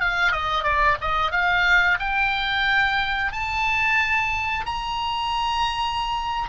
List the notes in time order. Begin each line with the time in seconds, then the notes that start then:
0.00 F5
0.32 D#5
0.63 D5
1.01 D#5
1.31 F5
1.99 G5
3.32 A5
4.66 A#5